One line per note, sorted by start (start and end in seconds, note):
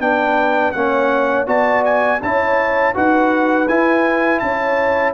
0.00 0.73 B3
0.00 0.73 D4
0.00 0.76 B4
0.00 0.71 G5
0.71 1.47 A#3
0.71 1.46 C#4
0.71 1.46 C#5
0.71 1.45 F#5
1.46 2.20 B3
1.46 2.20 F#4
1.46 2.20 D5
1.46 1.84 A5
1.85 2.21 G#5
2.22 2.95 C#4
2.22 2.94 E4
2.22 2.95 C#5
2.22 2.95 A5
2.94 3.68 D#4
2.94 3.67 F#4
2.94 4.41 B4
2.94 3.68 F#5
3.68 4.41 E4
3.68 5.13 E4
3.68 4.39 G#5
4.39 5.13 C#4
4.39 5.13 C#5
4.39 5.12 A5